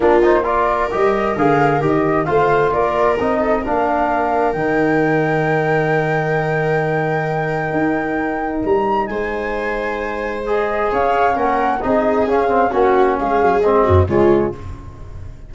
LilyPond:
<<
  \new Staff \with { instrumentName = "flute" } { \time 4/4 \tempo 4 = 132 ais'8 c''8 d''4 dis''4 f''4 | dis''4 f''4 d''4 dis''4 | f''2 g''2~ | g''1~ |
g''2. ais''4 | gis''2. dis''4 | f''4 fis''4 dis''4 f''4 | fis''4 f''4 dis''4 cis''4 | }
  \new Staff \with { instrumentName = "viola" } { \time 4/4 f'4 ais'2.~ | ais'4 c''4 ais'4. a'8 | ais'1~ | ais'1~ |
ais'1 | c''1 | cis''4 ais'4 gis'2 | fis'4 gis'4. fis'8 f'4 | }
  \new Staff \with { instrumentName = "trombone" } { \time 4/4 d'8 dis'8 f'4 g'4 gis'4 | g'4 f'2 dis'4 | d'2 dis'2~ | dis'1~ |
dis'1~ | dis'2. gis'4~ | gis'4 cis'4 dis'4 cis'8 c'8 | cis'2 c'4 gis4 | }
  \new Staff \with { instrumentName = "tuba" } { \time 4/4 ais2 g4 d4 | dis4 a4 ais4 c'4 | ais2 dis2~ | dis1~ |
dis4 dis'2 g4 | gis1 | cis'4 ais4 c'4 cis'4 | ais4 gis8 fis8 gis8 fis,8 cis4 | }
>>